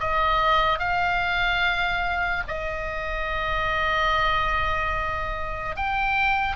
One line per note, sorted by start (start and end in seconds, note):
0.00 0.80 D#5
0.80 2.44 F5
2.48 5.77 D#5
5.77 6.56 G5